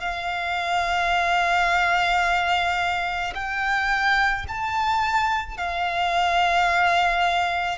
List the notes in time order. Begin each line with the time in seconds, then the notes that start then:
0.00 F5
3.34 G5
4.48 A5
5.57 F5